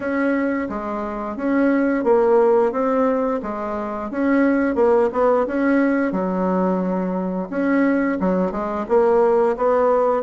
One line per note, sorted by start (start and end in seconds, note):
0.00 0.68 C#4
0.69 1.36 G#3
1.36 2.04 C#4
2.04 2.72 A#3
2.72 3.40 C4
3.42 4.10 G#3
4.10 4.75 C#4
4.75 5.09 A#3
5.12 5.46 B3
5.46 6.12 C#4
6.12 7.48 F#3
7.50 8.18 C#4
8.19 8.51 F#3
8.51 8.85 G#3
8.88 9.56 A#3
9.56 10.22 B3